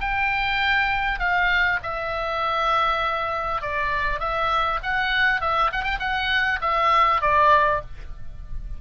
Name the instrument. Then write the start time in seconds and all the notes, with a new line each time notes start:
oboe
0.00 G5
1.19 F5
1.82 E5
3.61 D5
4.19 E5
4.82 F#5
5.40 E5
5.72 F#5
5.83 G5
5.99 F#5
6.61 E5
7.21 D5